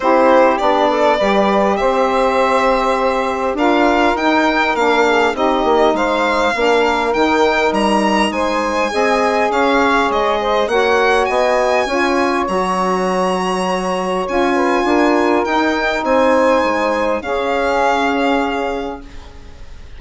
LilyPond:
<<
  \new Staff \with { instrumentName = "violin" } { \time 4/4 \tempo 4 = 101 c''4 d''2 e''4~ | e''2 f''4 g''4 | f''4 dis''4 f''2 | g''4 ais''4 gis''2 |
f''4 dis''4 fis''4 gis''4~ | gis''4 ais''2. | gis''2 g''4 gis''4~ | gis''4 f''2. | }
  \new Staff \with { instrumentName = "saxophone" } { \time 4/4 g'4. a'8 b'4 c''4~ | c''2 ais'2~ | ais'8 gis'8 g'4 c''4 ais'4~ | ais'2 c''4 dis''4 |
cis''4. c''8 cis''4 dis''4 | cis''1~ | cis''8 b'8 ais'2 c''4~ | c''4 gis'2. | }
  \new Staff \with { instrumentName = "saxophone" } { \time 4/4 e'4 d'4 g'2~ | g'2 f'4 dis'4 | d'4 dis'2 d'4 | dis'2. gis'4~ |
gis'2 fis'2 | f'4 fis'2. | f'2 dis'2~ | dis'4 cis'2. | }
  \new Staff \with { instrumentName = "bassoon" } { \time 4/4 c'4 b4 g4 c'4~ | c'2 d'4 dis'4 | ais4 c'8 ais8 gis4 ais4 | dis4 g4 gis4 c'4 |
cis'4 gis4 ais4 b4 | cis'4 fis2. | cis'4 d'4 dis'4 c'4 | gis4 cis'2. | }
>>